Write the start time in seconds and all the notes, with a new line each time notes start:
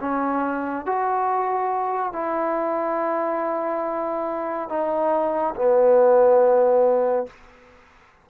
0.00 C#4
0.86 F#4
2.13 E4
4.69 D#4
5.55 B3